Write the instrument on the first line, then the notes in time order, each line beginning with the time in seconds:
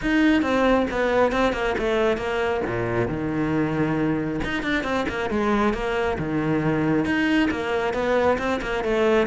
cello
0.01 D#4
0.42 C4
0.90 B3
1.31 C4
1.53 A#3
1.77 A3
2.17 A#3
2.66 A#2
3.08 D#3
4.43 D#4
4.63 D4
4.83 C4
5.08 A#3
5.29 G#3
5.73 A#3
6.18 D#3
7.05 D#4
7.51 A#3
7.93 B3
8.38 C4
8.61 A#3
8.84 A3